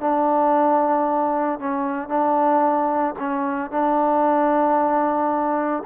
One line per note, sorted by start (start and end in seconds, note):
0.00 1.59 D4
1.59 2.09 C#4
2.09 3.15 D4
3.19 3.71 C#4
3.71 5.83 D4